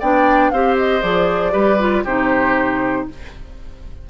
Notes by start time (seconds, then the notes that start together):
0.00 B3 D4 D5 G5
0.51 C4 G4 C5 F5
0.78 D#5
1.02 F3 G#4 D5
1.52 G3 G4 B4
1.80 F4
2.04 C3 D#4 G4 C5